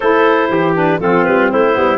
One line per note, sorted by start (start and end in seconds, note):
0.00 0.49 A3
0.00 0.74 E4
0.00 0.50 A4
0.00 0.74 C5
0.49 0.99 E3
0.49 1.01 G4
0.74 0.99 D4
0.74 1.00 B4
0.99 1.24 F3
0.99 1.73 C4
0.99 1.52 F4
0.99 1.24 A4
1.24 1.52 G3
1.24 1.49 B4
1.51 1.76 A3
1.51 1.98 E4
1.51 1.98 C5
1.73 1.98 G3
1.73 1.98 B3